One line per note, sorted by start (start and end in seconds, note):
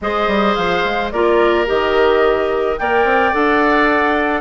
0.01 0.27 G#3
0.01 1.13 G#4
0.01 1.12 C5
0.01 0.55 D#5
0.27 0.55 G3
0.55 0.84 F3
0.55 1.10 F5
0.84 1.12 G#3
1.11 1.67 A#3
1.11 1.65 F4
1.11 2.79 A#4
1.11 1.66 D5
1.65 2.79 D#3
1.65 2.77 G4
1.65 2.78 D#5
2.78 3.04 A#3
2.78 3.32 A#4
2.78 4.40 D5
2.78 3.33 G5
3.04 3.32 C4
3.32 4.40 D4
3.32 4.40 A4
3.32 4.40 F#5